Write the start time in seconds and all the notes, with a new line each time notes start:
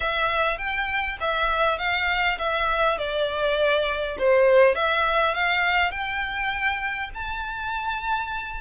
0.00 E5
0.58 G5
1.20 E5
1.78 F5
2.38 E5
2.97 D5
4.18 C5
4.75 E5
5.34 F5
5.91 G5
7.14 A5